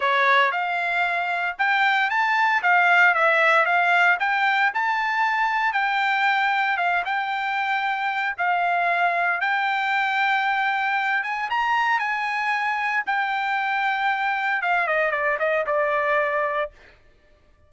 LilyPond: \new Staff \with { instrumentName = "trumpet" } { \time 4/4 \tempo 4 = 115 cis''4 f''2 g''4 | a''4 f''4 e''4 f''4 | g''4 a''2 g''4~ | g''4 f''8 g''2~ g''8 |
f''2 g''2~ | g''4. gis''8 ais''4 gis''4~ | gis''4 g''2. | f''8 dis''8 d''8 dis''8 d''2 | }